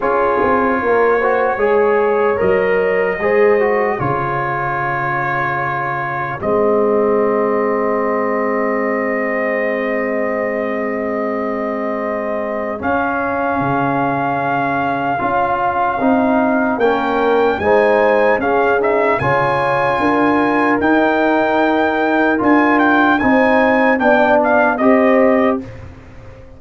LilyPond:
<<
  \new Staff \with { instrumentName = "trumpet" } { \time 4/4 \tempo 4 = 75 cis''2. dis''4~ | dis''4 cis''2. | dis''1~ | dis''1 |
f''1~ | f''4 g''4 gis''4 f''8 e''8 | gis''2 g''2 | gis''8 g''8 gis''4 g''8 f''8 dis''4 | }
  \new Staff \with { instrumentName = "horn" } { \time 4/4 gis'4 ais'8 c''8 cis''2 | c''4 gis'2.~ | gis'1~ | gis'1~ |
gis'1~ | gis'4 ais'4 c''4 gis'4 | cis''4 ais'2.~ | ais'4 c''4 d''4 c''4 | }
  \new Staff \with { instrumentName = "trombone" } { \time 4/4 f'4. fis'8 gis'4 ais'4 | gis'8 fis'8 f'2. | c'1~ | c'1 |
cis'2. f'4 | dis'4 cis'4 dis'4 cis'8 dis'8 | f'2 dis'2 | f'4 dis'4 d'4 g'4 | }
  \new Staff \with { instrumentName = "tuba" } { \time 4/4 cis'8 c'8 ais4 gis4 fis4 | gis4 cis2. | gis1~ | gis1 |
cis'4 cis2 cis'4 | c'4 ais4 gis4 cis'4 | cis4 d'4 dis'2 | d'4 c'4 b4 c'4 | }
>>